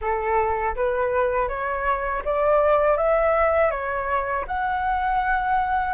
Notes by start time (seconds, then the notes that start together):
0.01 A4
0.75 B4
1.48 C#5
2.24 D5
2.97 E5
3.70 C#5
4.47 F#5